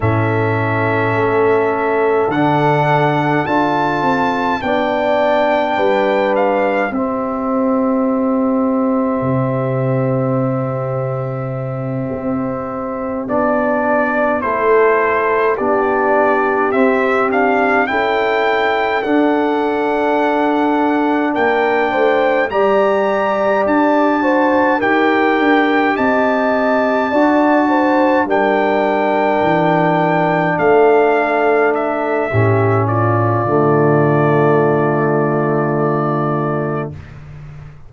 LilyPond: <<
  \new Staff \with { instrumentName = "trumpet" } { \time 4/4 \tempo 4 = 52 e''2 fis''4 a''4 | g''4. f''8 e''2~ | e''2.~ e''8 d''8~ | d''8 c''4 d''4 e''8 f''8 g''8~ |
g''8 fis''2 g''4 ais''8~ | ais''8 a''4 g''4 a''4.~ | a''8 g''2 f''4 e''8~ | e''8 d''2.~ d''8 | }
  \new Staff \with { instrumentName = "horn" } { \time 4/4 a'1 | d''4 b'4 g'2~ | g'1~ | g'8 a'4 g'2 a'8~ |
a'2~ a'8 ais'8 c''8 d''8~ | d''4 c''8 ais'4 dis''4 d''8 | c''8 ais'2 a'4. | g'8 f'2.~ f'8 | }
  \new Staff \with { instrumentName = "trombone" } { \time 4/4 cis'2 d'4 f'4 | d'2 c'2~ | c'2.~ c'8 d'8~ | d'8 e'4 d'4 c'8 d'8 e'8~ |
e'8 d'2. g'8~ | g'4 fis'8 g'2 fis'8~ | fis'8 d'2.~ d'8 | cis'4 a2. | }
  \new Staff \with { instrumentName = "tuba" } { \time 4/4 a,4 a4 d4 d'8 c'8 | b4 g4 c'2 | c2~ c8 c'4 b8~ | b8 a4 b4 c'4 cis'8~ |
cis'8 d'2 ais8 a8 g8~ | g8 d'4 dis'8 d'8 c'4 d'8~ | d'8 g4 e4 a4. | a,4 d2. | }
>>